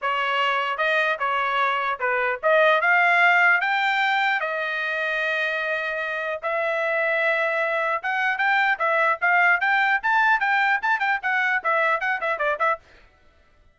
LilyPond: \new Staff \with { instrumentName = "trumpet" } { \time 4/4 \tempo 4 = 150 cis''2 dis''4 cis''4~ | cis''4 b'4 dis''4 f''4~ | f''4 g''2 dis''4~ | dis''1 |
e''1 | fis''4 g''4 e''4 f''4 | g''4 a''4 g''4 a''8 g''8 | fis''4 e''4 fis''8 e''8 d''8 e''8 | }